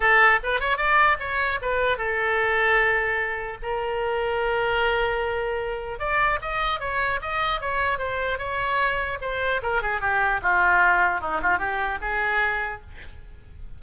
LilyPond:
\new Staff \with { instrumentName = "oboe" } { \time 4/4 \tempo 4 = 150 a'4 b'8 cis''8 d''4 cis''4 | b'4 a'2.~ | a'4 ais'2.~ | ais'2. d''4 |
dis''4 cis''4 dis''4 cis''4 | c''4 cis''2 c''4 | ais'8 gis'8 g'4 f'2 | dis'8 f'8 g'4 gis'2 | }